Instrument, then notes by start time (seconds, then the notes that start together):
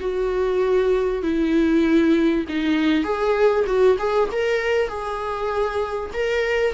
viola
0.00 F#4
1.23 E4
2.49 D#4
3.04 G#4
3.67 F#4
3.99 G#4
4.32 A#4
4.88 G#4
6.13 A#4